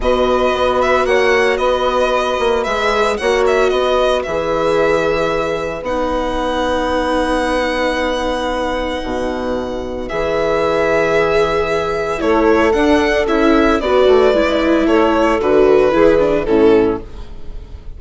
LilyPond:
<<
  \new Staff \with { instrumentName = "violin" } { \time 4/4 \tempo 4 = 113 dis''4. e''8 fis''4 dis''4~ | dis''4 e''4 fis''8 e''8 dis''4 | e''2. fis''4~ | fis''1~ |
fis''2. e''4~ | e''2. cis''4 | fis''4 e''4 d''2 | cis''4 b'2 a'4 | }
  \new Staff \with { instrumentName = "saxophone" } { \time 4/4 b'2 cis''4 b'4~ | b'2 cis''4 b'4~ | b'1~ | b'1~ |
b'1~ | b'2. a'4~ | a'2 b'2 | a'2 gis'4 e'4 | }
  \new Staff \with { instrumentName = "viola" } { \time 4/4 fis'1~ | fis'4 gis'4 fis'2 | gis'2. dis'4~ | dis'1~ |
dis'2. gis'4~ | gis'2. e'4 | d'4 e'4 fis'4 e'4~ | e'4 fis'4 e'8 d'8 cis'4 | }
  \new Staff \with { instrumentName = "bassoon" } { \time 4/4 b,4 b4 ais4 b4~ | b8 ais8 gis4 ais4 b4 | e2. b4~ | b1~ |
b4 b,2 e4~ | e2. a4 | d'4 cis'4 b8 a8 gis4 | a4 d4 e4 a,4 | }
>>